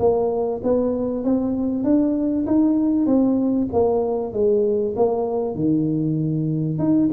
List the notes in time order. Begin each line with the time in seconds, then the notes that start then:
0.00 A#3
0.64 B3
1.25 C4
1.84 D4
2.47 D#4
3.06 C4
3.73 A#3
4.33 G#3
4.97 A#3
5.55 D#3
6.79 D#4